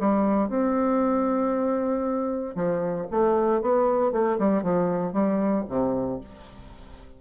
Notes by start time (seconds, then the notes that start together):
0.00 G3
0.49 C4
2.55 F3
3.11 A3
3.62 B3
4.12 A3
4.39 G3
4.63 F3
5.13 G3
5.68 C3